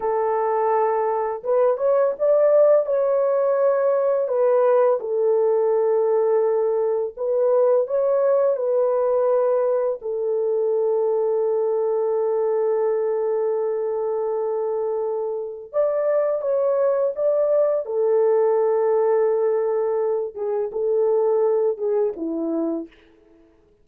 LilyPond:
\new Staff \with { instrumentName = "horn" } { \time 4/4 \tempo 4 = 84 a'2 b'8 cis''8 d''4 | cis''2 b'4 a'4~ | a'2 b'4 cis''4 | b'2 a'2~ |
a'1~ | a'2 d''4 cis''4 | d''4 a'2.~ | a'8 gis'8 a'4. gis'8 e'4 | }